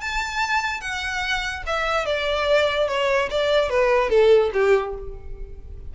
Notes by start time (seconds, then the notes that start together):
0.00 A5
0.81 F#5
1.66 E5
2.05 D5
2.88 C#5
3.30 D5
3.69 B4
4.09 A4
4.53 G4